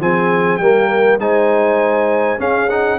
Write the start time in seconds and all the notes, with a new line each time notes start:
0.00 F3 C4 G#4 G#5
0.57 G3 A#3 A#4 G5
1.18 G#3 D#4 C5 G#5
2.38 C#4 G#4 F5
2.69 D#4 F#5